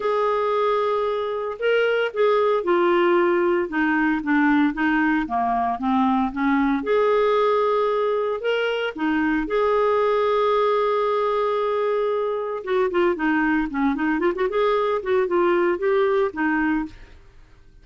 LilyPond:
\new Staff \with { instrumentName = "clarinet" } { \time 4/4 \tempo 4 = 114 gis'2. ais'4 | gis'4 f'2 dis'4 | d'4 dis'4 ais4 c'4 | cis'4 gis'2. |
ais'4 dis'4 gis'2~ | gis'1 | fis'8 f'8 dis'4 cis'8 dis'8 f'16 fis'16 gis'8~ | gis'8 fis'8 f'4 g'4 dis'4 | }